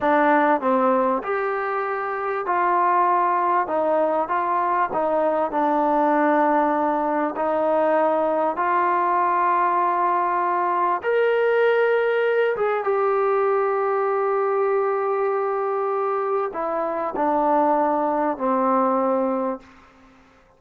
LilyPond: \new Staff \with { instrumentName = "trombone" } { \time 4/4 \tempo 4 = 98 d'4 c'4 g'2 | f'2 dis'4 f'4 | dis'4 d'2. | dis'2 f'2~ |
f'2 ais'2~ | ais'8 gis'8 g'2.~ | g'2. e'4 | d'2 c'2 | }